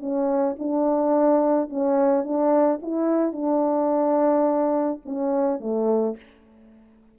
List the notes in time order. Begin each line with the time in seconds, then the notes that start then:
0.00 C#4
0.59 D4
1.69 C#4
2.24 D4
2.82 E4
3.32 D4
5.05 C#4
5.60 A3